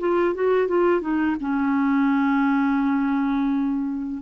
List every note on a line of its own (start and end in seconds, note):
0.00 0.35 F4
0.35 0.68 F#4
0.68 1.01 F4
1.01 1.36 D#4
1.40 4.23 C#4